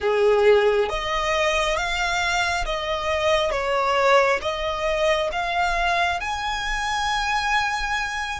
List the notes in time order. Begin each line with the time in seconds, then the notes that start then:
0.00 G#4
0.89 D#5
1.76 F5
2.65 D#5
3.51 C#5
4.41 D#5
5.32 F5
6.20 G#5